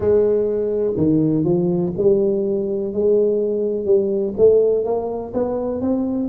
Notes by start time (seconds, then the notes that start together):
0.00 G#3
0.97 D#3
1.44 F3
1.97 G3
2.93 G#3
3.84 G3
4.37 A3
4.84 A#3
5.33 B3
5.81 C4